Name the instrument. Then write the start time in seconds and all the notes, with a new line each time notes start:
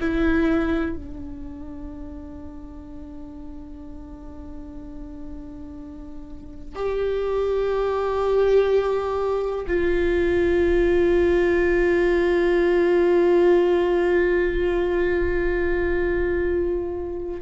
viola
0.00 E4
0.96 D4
6.75 G4
9.67 F4